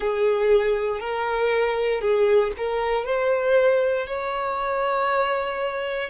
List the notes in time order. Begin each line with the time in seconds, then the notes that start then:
0.00 G#4
1.00 A#4
2.01 G#4
2.57 A#4
3.05 C5
4.07 C#5